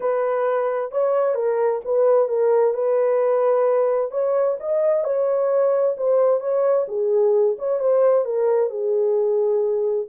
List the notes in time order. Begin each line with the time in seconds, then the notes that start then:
0.00 B4
0.91 C#5
1.34 A#4
1.84 B4
2.28 A#4
2.74 B4
4.11 C#5
4.59 D#5
5.04 C#5
5.97 C5
6.40 C#5
6.87 G#4
7.58 C#5
7.79 C5
8.25 A#4
8.69 G#4